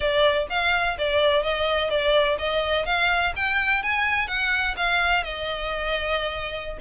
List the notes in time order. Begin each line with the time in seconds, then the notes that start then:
0.00 D5
0.49 F5
0.98 D5
1.42 D#5
1.89 D5
2.38 D#5
2.85 F5
3.35 G5
3.82 G#5
4.27 F#5
4.76 F5
5.23 D#5